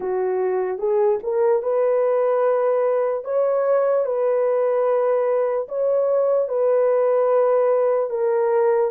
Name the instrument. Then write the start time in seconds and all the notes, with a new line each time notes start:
horn
0.00 F#4
0.78 G#4
1.23 A#4
1.62 B4
3.24 C#5
4.05 B4
5.68 C#5
6.48 B4
8.10 A#4